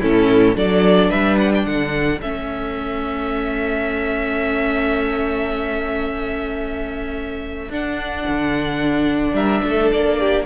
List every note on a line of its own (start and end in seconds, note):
0.00 0.55 A2
0.00 0.56 C#4
0.00 0.55 E4
0.00 0.57 A4
0.55 1.10 F#3
0.55 2.21 D4
0.55 1.10 A4
0.55 1.11 D5
1.10 1.65 G3
1.10 1.64 B4
1.10 1.38 E5
1.39 1.52 F#5
1.55 1.66 G5
1.64 2.20 D3
1.64 9.35 A4
1.64 2.21 F#5
2.22 7.69 A3
2.22 7.72 C#4
2.22 7.72 E5
7.69 8.25 D4
7.69 10.46 D4
7.69 9.35 F#5
8.28 9.33 D3
9.33 9.61 G3
9.33 9.63 A#4
9.33 9.90 E5
9.65 9.92 A3
9.65 10.20 A4
9.92 10.46 A#3
9.92 10.46 D5
10.20 10.46 G4